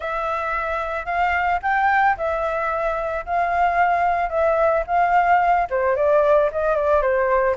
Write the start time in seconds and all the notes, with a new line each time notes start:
0.00 E5
1.05 F5
1.62 G5
2.17 E5
3.25 F5
4.29 E5
4.86 F5
5.70 C5
5.96 D5
6.51 D#5
6.75 D5
7.01 C5